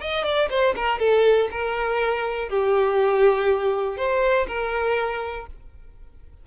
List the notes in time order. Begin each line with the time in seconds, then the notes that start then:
0.00 D#5
0.24 D5
0.50 C5
0.76 A#4
0.99 A4
1.51 A#4
2.49 G4
3.97 C5
4.47 A#4